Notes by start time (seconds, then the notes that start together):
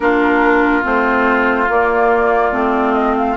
0.00 A#3 D4 F4 A#4
0.82 A3 C4 C5
1.68 A#3 D5
2.51 A3 C4
2.93 D#5
3.17 F5